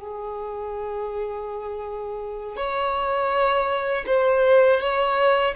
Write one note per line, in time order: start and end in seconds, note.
0.00 2.57 G#4
2.57 4.05 C#5
4.07 4.81 C5
4.81 5.55 C#5